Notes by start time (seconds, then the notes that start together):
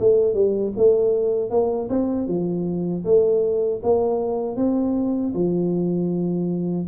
0.00 A3
0.34 G3
0.77 A3
1.51 A#3
1.90 C4
2.28 F3
3.05 A3
3.83 A#3
4.57 C4
5.34 F3